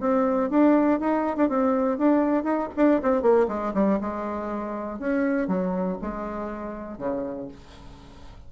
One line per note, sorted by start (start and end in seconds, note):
0.00 0.50 C4
0.50 1.00 D4
1.00 1.36 D#4
1.36 1.49 D4
1.49 1.98 C4
1.98 2.43 D4
2.43 2.68 D#4
2.76 3.01 D4
3.02 3.22 C4
3.22 3.47 A#3
3.48 3.73 G#3
3.74 3.99 G3
4.00 4.99 G#3
4.99 5.47 C#4
5.47 5.97 F#3
6.01 6.98 G#3
6.98 7.48 C#3